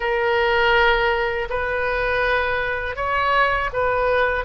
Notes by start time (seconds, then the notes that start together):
0.00 A#4
1.49 B4
2.96 C#5
3.72 B4